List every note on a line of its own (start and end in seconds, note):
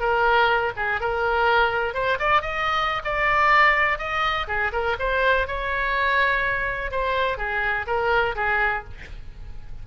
0.00 0.73 A#4
0.77 1.01 G#4
1.01 1.94 A#4
1.94 2.18 C5
2.19 2.41 D5
2.41 3.02 D#5
3.04 3.99 D5
3.99 4.47 D#5
4.48 4.72 G#4
4.72 4.97 A#4
4.99 5.47 C5
5.47 6.91 C#5
6.91 7.37 C5
7.37 7.86 G#4
7.87 8.35 A#4
8.36 8.84 G#4